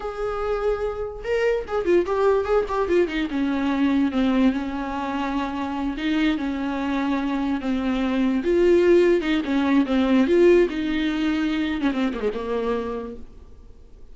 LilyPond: \new Staff \with { instrumentName = "viola" } { \time 4/4 \tempo 4 = 146 gis'2. ais'4 | gis'8 f'8 g'4 gis'8 g'8 f'8 dis'8 | cis'2 c'4 cis'4~ | cis'2~ cis'8 dis'4 cis'8~ |
cis'2~ cis'8 c'4.~ | c'8 f'2 dis'8 cis'4 | c'4 f'4 dis'2~ | dis'8. cis'16 c'8 ais16 gis16 ais2 | }